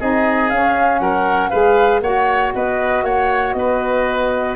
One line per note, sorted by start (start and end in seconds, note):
0.00 0.51 C4
0.00 0.51 D#4
0.00 1.02 G#4
0.00 0.50 D#5
0.50 1.01 C#4
0.50 1.52 C#4
0.50 0.99 F5
0.99 1.51 F#3
0.99 1.51 A#4
0.99 1.50 F#5
1.50 2.01 G#3
1.50 2.03 G#4
1.50 2.01 B4
1.50 2.00 F5
2.01 2.52 A#3
2.01 4.57 F#4
2.01 2.54 C#5
2.01 2.53 F#5
2.55 3.03 B3
2.55 3.05 B4
2.55 3.05 D#5
3.03 3.54 A#3
3.03 3.56 C#5
3.03 3.53 F#5
3.53 4.57 B3
3.53 4.57 B4
3.53 4.55 D#5